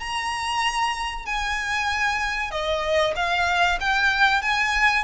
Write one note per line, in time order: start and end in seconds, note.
0.00 1.26 A#5
1.26 2.51 G#5
2.51 3.14 D#5
3.16 3.79 F5
3.81 4.42 G5
4.42 5.04 G#5